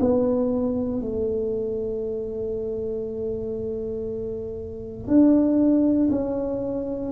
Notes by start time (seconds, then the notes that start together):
0.00 B3
1.02 A3
5.08 D4
6.10 C#4